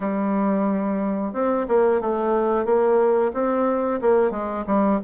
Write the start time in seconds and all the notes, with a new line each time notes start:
0.00 G3
1.33 C4
1.68 A#3
2.01 A3
2.65 A#3
3.33 C4
4.01 A#3
4.31 G#3
4.66 G3